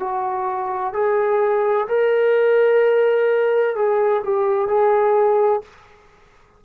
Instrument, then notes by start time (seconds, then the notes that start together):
trombone
0.00 F#4
0.93 G#4
1.88 A#4
3.75 G#4
4.24 G4
4.68 G#4